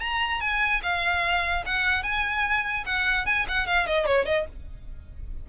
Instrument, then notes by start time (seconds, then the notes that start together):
violin
0.00 A#5
0.41 G#5
0.83 F5
1.66 F#5
2.03 G#5
2.86 F#5
3.26 G#5
3.48 F#5
3.67 F5
3.87 D#5
4.06 C#5
4.25 D#5